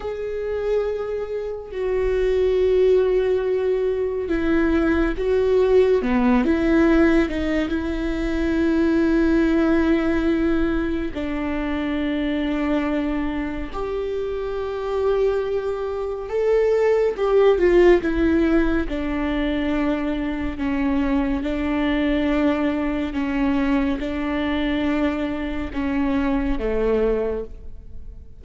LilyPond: \new Staff \with { instrumentName = "viola" } { \time 4/4 \tempo 4 = 70 gis'2 fis'2~ | fis'4 e'4 fis'4 b8 e'8~ | e'8 dis'8 e'2.~ | e'4 d'2. |
g'2. a'4 | g'8 f'8 e'4 d'2 | cis'4 d'2 cis'4 | d'2 cis'4 a4 | }